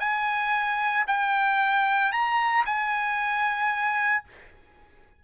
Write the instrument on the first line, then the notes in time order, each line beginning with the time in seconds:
trumpet
0.00 G#5
1.07 G5
2.12 A#5
2.66 G#5